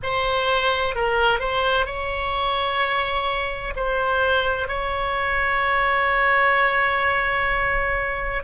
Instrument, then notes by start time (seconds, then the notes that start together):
oboe
0.03 C5
0.95 A#4
1.39 C5
1.85 C#5
3.75 C5
4.68 C#5